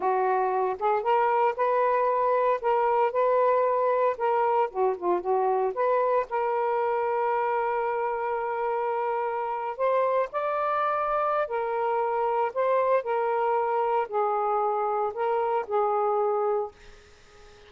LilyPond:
\new Staff \with { instrumentName = "saxophone" } { \time 4/4 \tempo 4 = 115 fis'4. gis'8 ais'4 b'4~ | b'4 ais'4 b'2 | ais'4 fis'8 f'8 fis'4 b'4 | ais'1~ |
ais'2~ ais'8. c''4 d''16~ | d''2 ais'2 | c''4 ais'2 gis'4~ | gis'4 ais'4 gis'2 | }